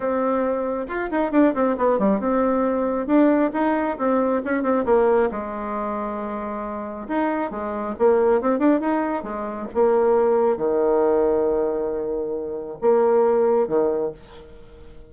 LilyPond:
\new Staff \with { instrumentName = "bassoon" } { \time 4/4 \tempo 4 = 136 c'2 f'8 dis'8 d'8 c'8 | b8 g8 c'2 d'4 | dis'4 c'4 cis'8 c'8 ais4 | gis1 |
dis'4 gis4 ais4 c'8 d'8 | dis'4 gis4 ais2 | dis1~ | dis4 ais2 dis4 | }